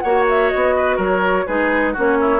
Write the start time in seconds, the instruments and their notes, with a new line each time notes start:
0.00 bassoon A#3, clarinet F#4, oboe C#5, flute F#5
0.29 flute E5
0.50 bassoon B3, flute D#5
0.76 oboe B4
0.96 bassoon F#3, oboe A#4, flute C#5
1.47 bassoon G#3, clarinet D#4, oboe G#4, flute B4
1.93 bassoon A#3, clarinet C#4, oboe F#4, flute C#5
2.21 oboe E4